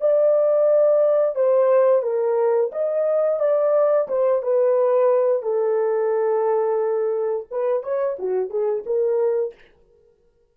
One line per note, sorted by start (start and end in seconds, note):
0.00 1.35 D5
1.35 2.02 C5
2.02 2.70 A#4
2.71 3.39 D#5
3.39 4.07 D5
4.08 4.42 C5
4.42 5.42 B4
5.42 7.47 A4
7.50 7.83 B4
7.83 8.17 C#5
8.19 8.50 F#4
8.50 8.84 G#4
8.86 9.54 A#4